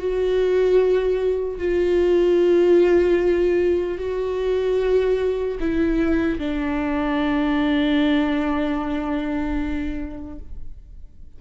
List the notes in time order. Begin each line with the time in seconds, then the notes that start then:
0.00 F#4
1.59 F4
3.99 F#4
5.60 E4
6.39 D4